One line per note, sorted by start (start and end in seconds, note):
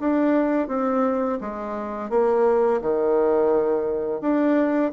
0.00 0.68 D4
0.68 1.38 C4
1.41 2.10 G#3
2.10 2.80 A#3
2.81 4.21 D#3
4.21 4.92 D4